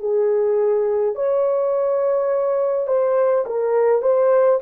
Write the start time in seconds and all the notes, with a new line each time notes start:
0.00 G#4
1.15 C#5
2.87 C5
3.46 A#4
4.02 C5